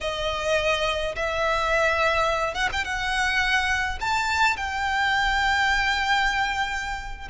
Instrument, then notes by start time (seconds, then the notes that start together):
violin
0.01 D#5
1.15 E5
2.54 F#5
2.72 G5
2.84 F#5
4.00 A5
4.57 G5